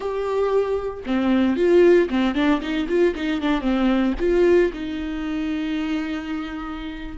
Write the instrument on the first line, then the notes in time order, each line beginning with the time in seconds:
viola
0.00 G4
1.06 C4
1.56 F4
2.09 C4
2.34 D4
2.61 D#4
2.88 F4
3.15 D#4
3.41 D4
3.61 C4
4.19 F4
4.73 D#4